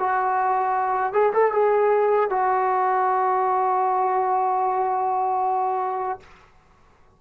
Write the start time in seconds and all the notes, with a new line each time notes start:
0.00 F#4
1.13 G#4
1.34 A4
1.53 G#4
2.30 F#4